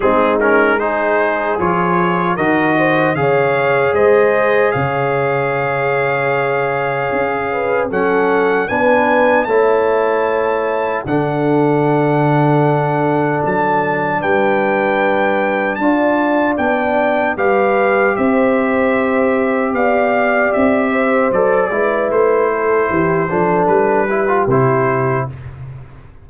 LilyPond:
<<
  \new Staff \with { instrumentName = "trumpet" } { \time 4/4 \tempo 4 = 76 gis'8 ais'8 c''4 cis''4 dis''4 | f''4 dis''4 f''2~ | f''2 fis''4 gis''4 | a''2 fis''2~ |
fis''4 a''4 g''2 | a''4 g''4 f''4 e''4~ | e''4 f''4 e''4 d''4 | c''2 b'4 c''4 | }
  \new Staff \with { instrumentName = "horn" } { \time 4/4 dis'4 gis'2 ais'8 c''8 | cis''4 c''4 cis''2~ | cis''4. b'8 a'4 b'4 | cis''2 a'2~ |
a'2 b'2 | d''2 b'4 c''4~ | c''4 d''4. c''4 b'8~ | b'8 a'8 g'8 a'4 g'4. | }
  \new Staff \with { instrumentName = "trombone" } { \time 4/4 c'8 cis'8 dis'4 f'4 fis'4 | gis'1~ | gis'2 cis'4 d'4 | e'2 d'2~ |
d'1 | f'4 d'4 g'2~ | g'2. a'8 e'8~ | e'4. d'4 e'16 f'16 e'4 | }
  \new Staff \with { instrumentName = "tuba" } { \time 4/4 gis2 f4 dis4 | cis4 gis4 cis2~ | cis4 cis'4 fis4 b4 | a2 d2~ |
d4 fis4 g2 | d'4 b4 g4 c'4~ | c'4 b4 c'4 fis8 gis8 | a4 e8 f8 g4 c4 | }
>>